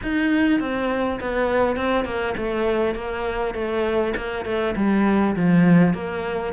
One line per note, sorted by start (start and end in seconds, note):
0.02 0.60 D#4
0.60 1.19 C4
1.20 1.76 B3
1.76 2.05 C4
2.05 2.34 A#3
2.37 2.94 A3
2.94 3.54 A#3
3.54 4.13 A3
4.16 4.45 A#3
4.45 4.74 A3
4.76 5.35 G3
5.36 5.94 F3
5.94 6.53 A#3